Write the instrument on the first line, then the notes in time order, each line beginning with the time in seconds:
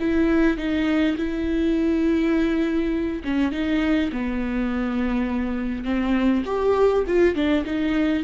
viola
0.00 E4
0.58 D#4
1.17 E4
3.25 C#4
3.52 D#4
4.13 B3
5.85 C4
6.46 G4
7.07 F4
7.35 D4
7.66 D#4